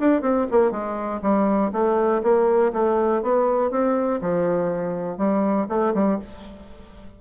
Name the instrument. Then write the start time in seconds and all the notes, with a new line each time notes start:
bassoon
0.00 D4
0.22 C4
0.52 A#3
0.72 G#3
1.22 G3
1.73 A3
2.23 A#3
2.73 A3
3.23 B3
3.71 C4
4.22 F3
5.18 G3
5.69 A3
5.95 G3